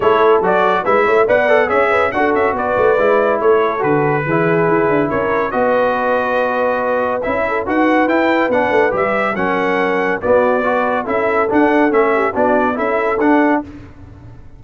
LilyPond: <<
  \new Staff \with { instrumentName = "trumpet" } { \time 4/4 \tempo 4 = 141 cis''4 d''4 e''4 fis''4 | e''4 fis''8 e''8 d''2 | cis''4 b'2. | cis''4 dis''2.~ |
dis''4 e''4 fis''4 g''4 | fis''4 e''4 fis''2 | d''2 e''4 fis''4 | e''4 d''4 e''4 fis''4 | }
  \new Staff \with { instrumentName = "horn" } { \time 4/4 a'2 b'8 cis''8 d''4 | cis''8 b'8 a'4 b'2 | a'2 gis'2 | ais'4 b'2.~ |
b'4. a'8 b'2~ | b'2 ais'2 | fis'4 b'4 a'2~ | a'8 g'8 fis'4 a'2 | }
  \new Staff \with { instrumentName = "trombone" } { \time 4/4 e'4 fis'4 e'4 b'8 a'8 | gis'4 fis'2 e'4~ | e'4 fis'4 e'2~ | e'4 fis'2.~ |
fis'4 e'4 fis'4 e'4 | d'4 g'4 cis'2 | b4 fis'4 e'4 d'4 | cis'4 d'4 e'4 d'4 | }
  \new Staff \with { instrumentName = "tuba" } { \time 4/4 a4 fis4 gis8 a8 b4 | cis'4 d'8 cis'8 b8 a8 gis4 | a4 d4 e4 e'8 d'8 | cis'4 b2.~ |
b4 cis'4 dis'4 e'4 | b8 a8 g4 fis2 | b2 cis'4 d'4 | a4 b4 cis'4 d'4 | }
>>